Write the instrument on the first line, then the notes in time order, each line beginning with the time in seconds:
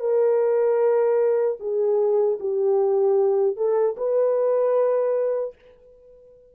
horn
0.00 A#4
1.60 G#4
2.40 G4
3.57 A4
3.98 B4